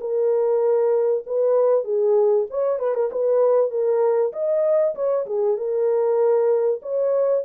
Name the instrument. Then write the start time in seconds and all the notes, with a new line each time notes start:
horn
0.00 A#4
1.26 B4
1.84 G#4
2.50 C#5
2.79 B4
2.94 A#4
3.12 B4
3.70 A#4
4.32 D#5
4.95 C#5
5.26 G#4
5.57 A#4
6.82 C#5